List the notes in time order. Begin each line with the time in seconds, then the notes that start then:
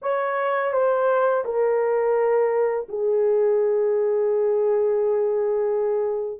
0.02 C#5
0.72 C5
1.44 A#4
2.88 G#4